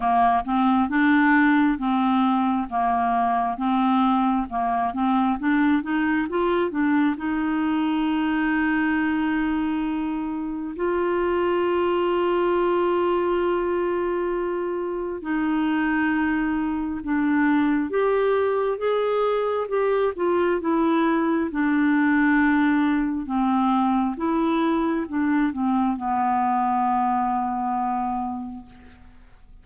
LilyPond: \new Staff \with { instrumentName = "clarinet" } { \time 4/4 \tempo 4 = 67 ais8 c'8 d'4 c'4 ais4 | c'4 ais8 c'8 d'8 dis'8 f'8 d'8 | dis'1 | f'1~ |
f'4 dis'2 d'4 | g'4 gis'4 g'8 f'8 e'4 | d'2 c'4 e'4 | d'8 c'8 b2. | }